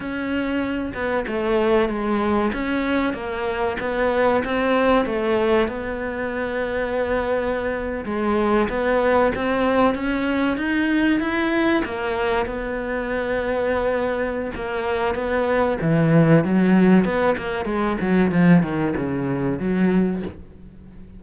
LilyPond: \new Staff \with { instrumentName = "cello" } { \time 4/4 \tempo 4 = 95 cis'4. b8 a4 gis4 | cis'4 ais4 b4 c'4 | a4 b2.~ | b8. gis4 b4 c'4 cis'16~ |
cis'8. dis'4 e'4 ais4 b16~ | b2. ais4 | b4 e4 fis4 b8 ais8 | gis8 fis8 f8 dis8 cis4 fis4 | }